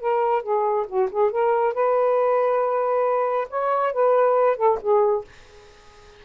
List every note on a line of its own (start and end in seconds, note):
0.00 0.43 A#4
0.43 0.86 G#4
0.87 1.09 F#4
1.11 1.31 G#4
1.31 1.74 A#4
1.74 3.48 B4
3.50 3.93 C#5
3.93 4.57 B4
4.57 4.78 A4
4.81 5.25 G#4